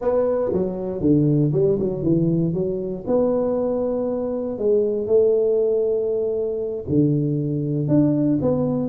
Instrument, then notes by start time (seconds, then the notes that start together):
tuba
0.01 B3
0.52 F#3
1.00 D3
1.53 G3
1.79 F#3
2.02 E3
2.53 F#3
3.06 B3
4.58 G#3
5.07 A3
6.89 D3
7.87 D4
8.41 B3